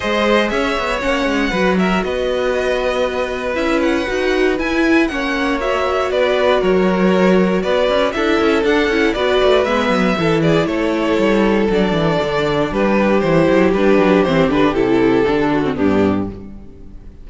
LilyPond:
<<
  \new Staff \with { instrumentName = "violin" } { \time 4/4 \tempo 4 = 118 dis''4 e''4 fis''4. e''8 | dis''2. e''8 fis''8~ | fis''4 gis''4 fis''4 e''4 | d''4 cis''2 d''4 |
e''4 fis''4 d''4 e''4~ | e''8 d''8 cis''2 d''4~ | d''4 b'4 c''4 b'4 | c''8 b'8 a'2 g'4 | }
  \new Staff \with { instrumentName = "violin" } { \time 4/4 c''4 cis''2 b'8 ais'8 | b'1~ | b'2 cis''2 | b'4 ais'2 b'4 |
a'2 b'2 | a'8 gis'8 a'2.~ | a'4 g'2.~ | g'2~ g'8 fis'8 d'4 | }
  \new Staff \with { instrumentName = "viola" } { \time 4/4 gis'2 cis'4 fis'4~ | fis'2. e'4 | fis'4 e'4 cis'4 fis'4~ | fis'1 |
e'4 d'8 e'8 fis'4 b4 | e'2. d'4~ | d'2 e'4 d'4 | c'8 d'8 e'4 d'8. c'16 b4 | }
  \new Staff \with { instrumentName = "cello" } { \time 4/4 gis4 cis'8 b8 ais8 gis8 fis4 | b2. cis'4 | dis'4 e'4 ais2 | b4 fis2 b8 cis'8 |
d'8 cis'8 d'8 cis'8 b8 a8 gis8 fis8 | e4 a4 g4 fis8 e8 | d4 g4 e8 fis8 g8 fis8 | e8 d8 c4 d4 g,4 | }
>>